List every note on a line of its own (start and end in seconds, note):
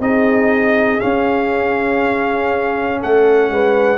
0.00 1.00 C4
0.00 1.00 D#4
0.00 3.01 G#4
0.00 1.00 D#5
1.00 3.99 C#4
1.00 3.04 C#4
1.00 3.00 F5
3.01 3.49 A3
3.01 3.51 A4
3.01 3.99 F#5
3.49 3.99 G#3
3.49 3.99 B4